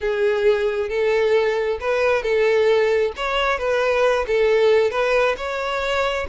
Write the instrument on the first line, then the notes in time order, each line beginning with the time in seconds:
violin
0.00 G#4
0.89 A4
1.80 B4
2.22 A4
3.16 C#5
3.58 B4
4.27 A4
4.90 B4
5.37 C#5